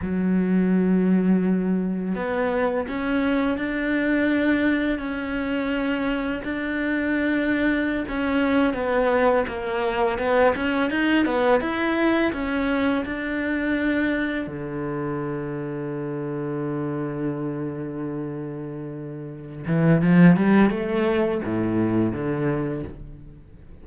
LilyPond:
\new Staff \with { instrumentName = "cello" } { \time 4/4 \tempo 4 = 84 fis2. b4 | cis'4 d'2 cis'4~ | cis'4 d'2~ d'16 cis'8.~ | cis'16 b4 ais4 b8 cis'8 dis'8 b16~ |
b16 e'4 cis'4 d'4.~ d'16~ | d'16 d2.~ d8.~ | d2.~ d8 e8 | f8 g8 a4 a,4 d4 | }